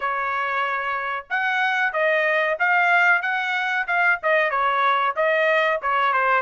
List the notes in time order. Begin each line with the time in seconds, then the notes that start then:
0.00 C#5
1.30 F#5
1.92 D#5
2.59 F5
3.22 F#5
3.87 F5
4.22 D#5
4.50 C#5
5.16 D#5
5.82 C#5
6.13 C5